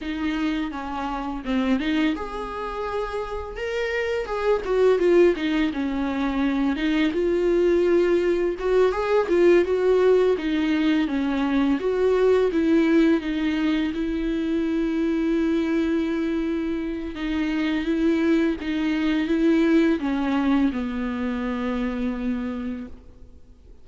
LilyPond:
\new Staff \with { instrumentName = "viola" } { \time 4/4 \tempo 4 = 84 dis'4 cis'4 c'8 dis'8 gis'4~ | gis'4 ais'4 gis'8 fis'8 f'8 dis'8 | cis'4. dis'8 f'2 | fis'8 gis'8 f'8 fis'4 dis'4 cis'8~ |
cis'8 fis'4 e'4 dis'4 e'8~ | e'1 | dis'4 e'4 dis'4 e'4 | cis'4 b2. | }